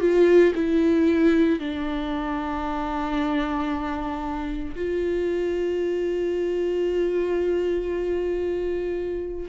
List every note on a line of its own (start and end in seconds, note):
0.00 0.53 F4
0.55 1.59 E4
1.59 4.75 D4
4.76 9.49 F4